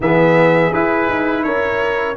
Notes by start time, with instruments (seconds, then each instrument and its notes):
0.00 tuba E3, trombone B3, horn G#4, trumpet E5
0.71 trombone E4, tuba E4, trumpet B4
1.08 tuba D#4
1.43 tuba C#4, horn A#4, trumpet C#5